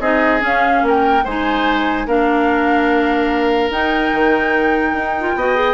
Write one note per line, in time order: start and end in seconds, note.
0.00 0.41 C4
0.00 0.40 D#4
0.00 0.83 G#4
0.00 0.42 D#5
0.40 1.23 C#4
0.40 0.83 C#4
0.40 0.87 F5
0.83 1.24 A#3
0.83 1.25 A#4
0.89 1.27 G5
1.25 2.07 G#3
1.25 2.08 D#4
1.25 2.07 C5
1.25 2.08 G#5
2.07 3.70 A#3
2.07 3.72 D4
2.07 5.36 A#4
2.07 3.72 F5
3.70 4.11 D#4
3.70 5.17 D#4
3.70 5.75 G5
4.13 4.93 D#3
4.93 5.35 D#4
5.20 5.40 F4
5.36 5.75 B3
5.36 5.56 F#4
5.36 5.75 D#5
5.56 5.75 G#4